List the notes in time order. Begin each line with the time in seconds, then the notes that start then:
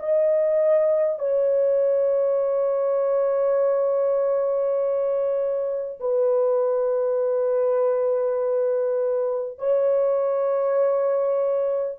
0.00 D#5
1.19 C#5
6.01 B4
9.59 C#5